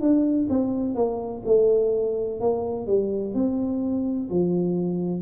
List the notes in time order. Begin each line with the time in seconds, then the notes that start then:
0.00 D4
0.49 C4
0.95 A#3
1.45 A3
2.40 A#3
2.87 G3
3.34 C4
4.30 F3